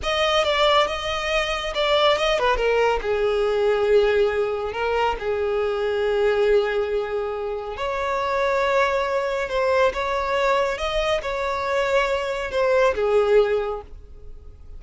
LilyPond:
\new Staff \with { instrumentName = "violin" } { \time 4/4 \tempo 4 = 139 dis''4 d''4 dis''2 | d''4 dis''8 b'8 ais'4 gis'4~ | gis'2. ais'4 | gis'1~ |
gis'2 cis''2~ | cis''2 c''4 cis''4~ | cis''4 dis''4 cis''2~ | cis''4 c''4 gis'2 | }